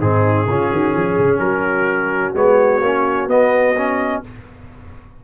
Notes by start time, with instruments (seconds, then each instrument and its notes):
0.00 tuba G#2, trombone C4, horn D#4, trumpet G#4
0.47 tuba C#3, trombone C#4, horn F4
0.71 tuba D#3, horn F#4
0.93 tuba F3, horn G#4
1.19 tuba C#3
1.39 tuba F#3, horn F#4, trumpet A#4
2.35 tuba G#3, trombone B3, trumpet C#5
2.81 tuba A#3, trombone C#4
3.27 tuba B3, trombone B3, trumpet D#5
3.77 trombone C#4